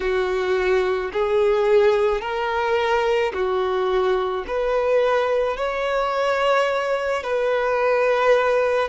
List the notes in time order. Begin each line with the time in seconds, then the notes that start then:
0.00 F#4
1.12 G#4
2.21 A#4
3.33 F#4
4.47 B4
5.56 C#5
7.23 B4